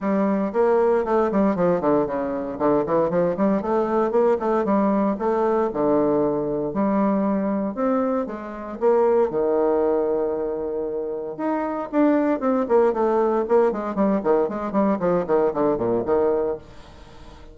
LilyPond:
\new Staff \with { instrumentName = "bassoon" } { \time 4/4 \tempo 4 = 116 g4 ais4 a8 g8 f8 d8 | cis4 d8 e8 f8 g8 a4 | ais8 a8 g4 a4 d4~ | d4 g2 c'4 |
gis4 ais4 dis2~ | dis2 dis'4 d'4 | c'8 ais8 a4 ais8 gis8 g8 dis8 | gis8 g8 f8 dis8 d8 ais,8 dis4 | }